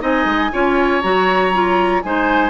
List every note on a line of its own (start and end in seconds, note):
0.00 0.25 C4
0.00 0.50 D#4
0.00 0.52 D#5
0.00 1.02 G#5
0.25 0.50 G#3
0.53 1.04 C#4
0.53 1.02 F4
0.53 2.02 C#5
1.02 2.04 F#3
1.02 1.52 F#4
1.02 2.02 A#5
1.53 2.03 F4
2.02 2.50 G#3
2.02 2.50 D#4
2.02 2.50 C5
2.02 2.50 G#5